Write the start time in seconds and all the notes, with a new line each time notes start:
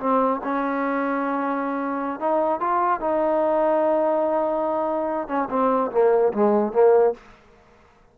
0.00 C4
0.44 C#4
2.20 D#4
2.61 F4
3.01 D#4
5.28 C#4
5.50 C4
5.92 A#3
6.34 G#3
6.73 A#3